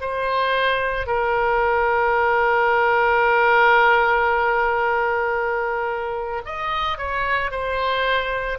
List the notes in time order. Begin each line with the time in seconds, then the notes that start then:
0.00 C5
1.06 A#4
6.45 D#5
6.97 C#5
7.51 C5